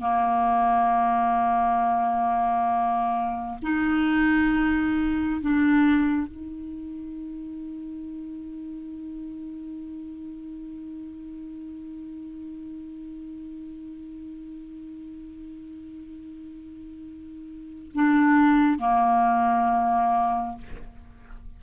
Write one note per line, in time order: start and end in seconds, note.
0.00 3.58 A#3
3.62 5.41 D#4
5.41 6.27 D4
6.27 17.91 D#4
17.94 18.78 D4
18.78 20.57 A#3